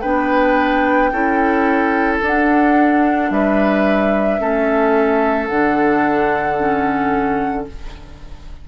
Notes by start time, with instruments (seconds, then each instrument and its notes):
0.00 bassoon B3, clarinet D4, oboe B4, flute G5
1.12 bassoon C#4, clarinet E4, oboe A4
2.22 bassoon D4, clarinet D4, flute F#5
3.31 bassoon G3, oboe B4, flute E5
4.40 bassoon A3, clarinet C#4, oboe A4
5.47 bassoon D3, clarinet D4, flute F#5
6.58 clarinet C#4